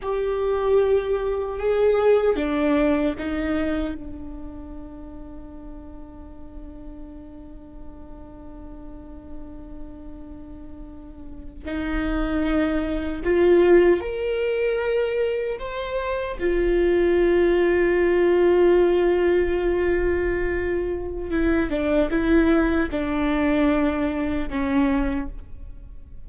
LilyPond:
\new Staff \with { instrumentName = "viola" } { \time 4/4 \tempo 4 = 76 g'2 gis'4 d'4 | dis'4 d'2.~ | d'1~ | d'2~ d'8. dis'4~ dis'16~ |
dis'8. f'4 ais'2 c''16~ | c''8. f'2.~ f'16~ | f'2. e'8 d'8 | e'4 d'2 cis'4 | }